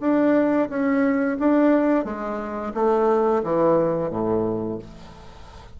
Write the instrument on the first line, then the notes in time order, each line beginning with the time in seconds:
bassoon
0.00 D4
0.69 C#4
1.39 D4
2.04 G#3
2.74 A3
3.43 E3
4.10 A2